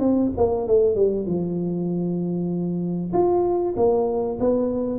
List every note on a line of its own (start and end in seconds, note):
0.00 0.31 C4
0.38 0.68 A#3
0.68 0.96 A3
0.96 1.27 G3
1.27 3.12 F3
3.13 3.75 F4
3.77 4.39 A#3
4.40 5.00 B3